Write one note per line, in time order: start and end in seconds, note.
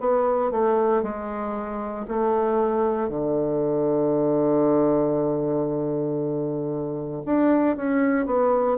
0.00 0.51 B3
0.51 1.03 A3
1.03 2.06 G#3
2.08 3.09 A3
3.09 7.23 D3
7.25 7.76 D4
7.76 8.26 C#4
8.26 8.78 B3